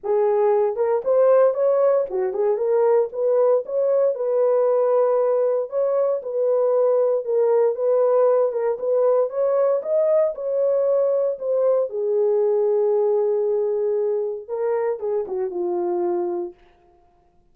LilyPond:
\new Staff \with { instrumentName = "horn" } { \time 4/4 \tempo 4 = 116 gis'4. ais'8 c''4 cis''4 | fis'8 gis'8 ais'4 b'4 cis''4 | b'2. cis''4 | b'2 ais'4 b'4~ |
b'8 ais'8 b'4 cis''4 dis''4 | cis''2 c''4 gis'4~ | gis'1 | ais'4 gis'8 fis'8 f'2 | }